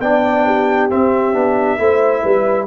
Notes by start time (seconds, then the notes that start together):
0.00 B3 D4 D5 G5
0.46 G4
0.90 C4 E5
1.33 B3 D4
1.78 A3 E4 C5
2.22 G3 B4